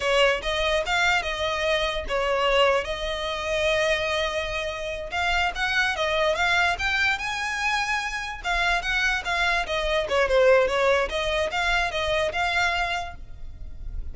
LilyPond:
\new Staff \with { instrumentName = "violin" } { \time 4/4 \tempo 4 = 146 cis''4 dis''4 f''4 dis''4~ | dis''4 cis''2 dis''4~ | dis''1~ | dis''8 f''4 fis''4 dis''4 f''8~ |
f''8 g''4 gis''2~ gis''8~ | gis''8 f''4 fis''4 f''4 dis''8~ | dis''8 cis''8 c''4 cis''4 dis''4 | f''4 dis''4 f''2 | }